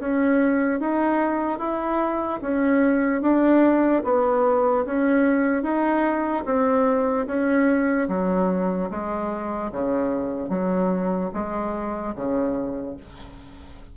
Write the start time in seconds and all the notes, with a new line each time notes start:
0.00 C#4
0.81 D#4
1.59 E4
2.42 C#4
3.22 D4
4.05 B3
4.86 C#4
5.64 D#4
6.46 C4
7.28 C#4
8.09 F#3
8.91 G#3
9.72 C#3
10.50 F#3
11.34 G#3
12.16 C#3